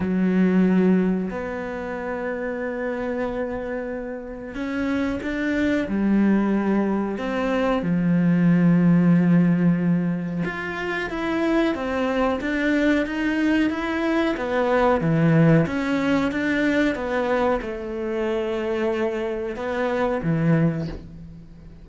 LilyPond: \new Staff \with { instrumentName = "cello" } { \time 4/4 \tempo 4 = 92 fis2 b2~ | b2. cis'4 | d'4 g2 c'4 | f1 |
f'4 e'4 c'4 d'4 | dis'4 e'4 b4 e4 | cis'4 d'4 b4 a4~ | a2 b4 e4 | }